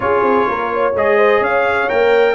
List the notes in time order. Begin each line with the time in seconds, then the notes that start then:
0.00 C#4 F4 G#4 C#5
0.21 C4
0.48 A#3 A#4
0.73 C#5
0.94 G#3 G#4 D#5
1.17 C5
1.39 C#4 C#5 F5
1.88 A#3 A#4 G5